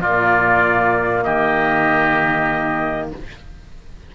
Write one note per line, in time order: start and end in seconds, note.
0.00 1.24 A#2
0.00 3.14 A#3
0.00 1.24 F4
0.00 1.23 D5
1.23 3.11 D#3
1.23 3.10 G4
1.23 3.09 D#5